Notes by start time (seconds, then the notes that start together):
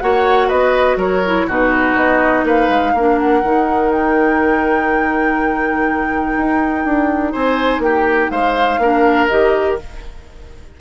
0.00 A#3 F#4 C#5 F#5
0.48 B3 B4 D#5
0.96 F#3 A#4 C#5
1.25 E4
1.47 B2 D#4 F#4 B4
1.95 B3 D#5
2.43 A#3 B4 F5
2.68 G#3
2.93 A#3 D4 A#4
3.18 F#5
3.42 D#3 D#4
3.91 G5
6.37 D#4
6.85 D4
7.32 C4 C5 G#5
7.79 A#3 G5
7.85 G4
8.30 G#3 C5 F5
8.78 A#3 D4 A#4
9.28 D#3 G4 D#5